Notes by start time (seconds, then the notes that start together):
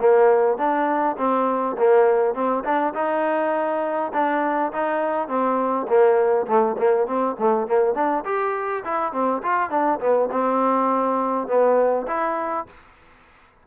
0.00 A#3
0.58 D4
1.18 C4
1.78 A#3
2.34 C4
2.64 D4
2.94 D#4
4.13 D4
4.73 D#4
5.28 C4
5.88 A#3
6.47 A3
6.78 A#3
7.07 C4
7.39 A3
7.67 A#3
7.95 D4
8.25 G4
8.85 E4
9.13 C4
9.43 F4
9.70 D4
10.00 B3
10.32 C4
11.48 B3
12.08 E4